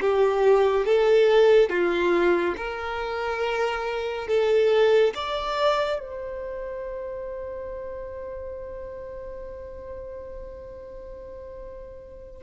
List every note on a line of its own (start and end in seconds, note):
0.00 0.86 G4
0.86 1.69 A4
1.69 2.55 F4
2.57 4.27 A#4
4.27 5.13 A4
5.15 6.00 D5
6.00 12.42 C5